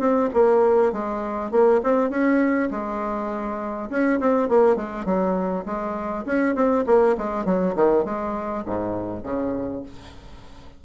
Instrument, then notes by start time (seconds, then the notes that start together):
bassoon
0.00 C4
0.34 A#3
0.93 G#3
1.51 A#3
1.83 C4
2.10 C#4
2.71 G#3
3.90 C#4
4.20 C4
4.49 A#3
4.76 G#3
5.05 F#3
5.66 G#3
6.26 C#4
6.56 C4
6.87 A#3
7.18 G#3
7.46 F#3
7.76 D#3
8.05 G#3
8.66 G#2
9.24 C#3